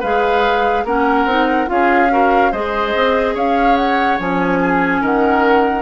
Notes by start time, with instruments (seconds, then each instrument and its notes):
0.00 bassoon G#3, clarinet G#4, oboe B4, flute F5
0.84 bassoon A#3, clarinet C#4, oboe A#4, flute F#5
1.25 bassoon C4, clarinet D#4
1.66 bassoon C#4, clarinet F4, oboe G#4, flute F5
2.10 clarinet F#4, oboe A#4
2.51 bassoon G#3, clarinet G#4, oboe C5, flute D#5
2.95 bassoon C4
3.34 bassoon C#4, oboe C#5, flute F5
3.76 flute F#5
4.19 bassoon F3, clarinet C#4, flute G#5
4.60 oboe G#4
5.01 bassoon D#3, oboe A#4, flute F#5